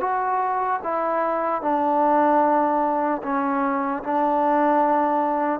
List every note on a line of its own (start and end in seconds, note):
0.00 0.80 F#4
0.83 1.61 E4
1.61 3.21 D4
3.23 4.03 C#4
4.03 5.60 D4